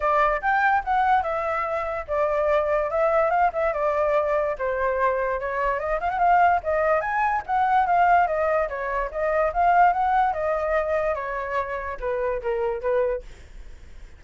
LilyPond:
\new Staff \with { instrumentName = "flute" } { \time 4/4 \tempo 4 = 145 d''4 g''4 fis''4 e''4~ | e''4 d''2 e''4 | f''8 e''8 d''2 c''4~ | c''4 cis''4 dis''8 f''16 fis''16 f''4 |
dis''4 gis''4 fis''4 f''4 | dis''4 cis''4 dis''4 f''4 | fis''4 dis''2 cis''4~ | cis''4 b'4 ais'4 b'4 | }